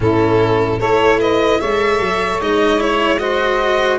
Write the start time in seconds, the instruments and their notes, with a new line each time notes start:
0.00 tuba A2, cello C#4, saxophone E4, violin A4
0.79 tuba A3, cello E4, saxophone A4, violin C#5
1.20 saxophone B4, violin D#5
1.59 tuba G#3, cello A4, saxophone C#5, violin E5
1.99 tuba F#3
2.40 tuba G#3, cello D#4, violin D#5
2.78 cello E4, violin C#5
3.18 cello F#4, saxophone C5, violin D#5